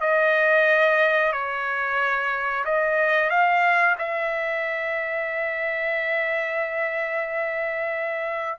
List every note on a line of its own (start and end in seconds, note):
0.00 1.32 D#5
1.32 2.64 C#5
2.65 3.30 D#5
3.30 3.96 F5
3.98 8.58 E5